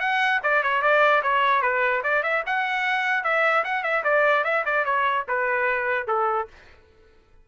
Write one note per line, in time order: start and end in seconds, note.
0.00 0.40 F#5
0.43 0.63 D5
0.63 0.82 C#5
0.82 1.22 D5
1.23 1.62 C#5
1.62 2.02 B4
2.04 2.23 D5
2.23 2.43 E5
2.46 3.24 F#5
3.24 3.64 E5
3.64 3.83 F#5
3.83 4.04 E5
4.04 4.44 D5
4.45 4.65 E5
4.65 4.85 D5
4.85 5.25 C#5
5.28 6.08 B4
6.08 6.48 A4